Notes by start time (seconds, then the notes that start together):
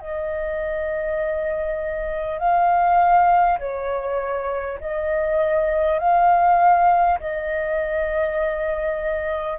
0.00 D#5
2.38 F5
3.59 C#5
4.80 D#5
5.99 F5
7.19 D#5